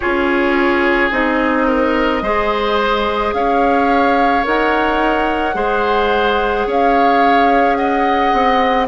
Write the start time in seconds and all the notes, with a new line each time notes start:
0.00 C#4 F4 G#4 C#5
1.11 C4 D#4 D#5
1.67 A#4
2.22 G#3 G#4 C5
3.33 C#4 C#5 F5
4.43 D#4 A#4 F#5
5.54 G#3 G#4 C5
6.66 C#4 C#5 F5
7.75 D#5 F#5
8.33 C4